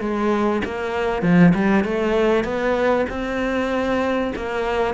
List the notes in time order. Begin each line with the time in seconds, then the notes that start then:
0.00 G#3
0.64 A#3
1.22 F3
1.54 G3
1.84 A3
2.44 B3
3.09 C4
4.36 A#3